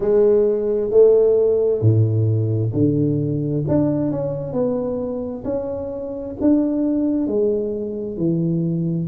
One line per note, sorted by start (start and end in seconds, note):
0.00 0.90 G#3
0.90 1.81 A3
1.81 2.72 A2
2.73 3.64 D3
3.68 4.11 D4
4.11 4.52 C#4
4.52 5.43 B3
5.44 6.35 C#4
6.40 7.27 D4
7.27 8.17 G#3
8.17 9.07 E3